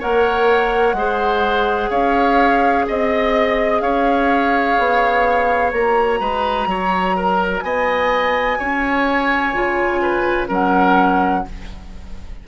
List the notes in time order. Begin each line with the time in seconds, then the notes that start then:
0.00 A#3 A#4 C#5 F#5
0.93 G#3 G#4 C5
1.90 C#4 C#5 F5
2.88 C4 D#5
3.81 C#4 C#5 F5
4.79 B3
5.73 A#3 F#4 A#5
6.20 G#3 B4
6.67 F#3 C#5
7.16 A#4
7.61 B3 D#5 G#5
8.59 C#4 C#5
9.54 C#3 F4
10.02 B4
10.48 F#3 C#4 A#4 F#5